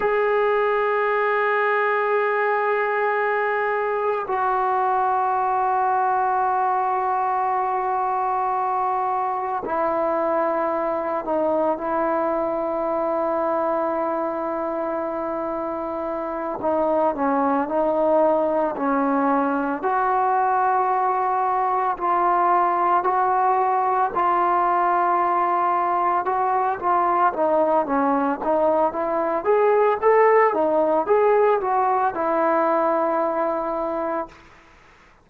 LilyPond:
\new Staff \with { instrumentName = "trombone" } { \time 4/4 \tempo 4 = 56 gis'1 | fis'1~ | fis'4 e'4. dis'8 e'4~ | e'2.~ e'8 dis'8 |
cis'8 dis'4 cis'4 fis'4.~ | fis'8 f'4 fis'4 f'4.~ | f'8 fis'8 f'8 dis'8 cis'8 dis'8 e'8 gis'8 | a'8 dis'8 gis'8 fis'8 e'2 | }